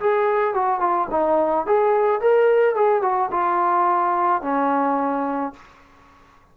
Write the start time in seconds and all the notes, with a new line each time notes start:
0.00 G#4
0.54 F#4
0.80 F4
1.11 D#4
1.66 G#4
2.20 A#4
2.75 G#4
3.02 F#4
3.31 F4
4.42 C#4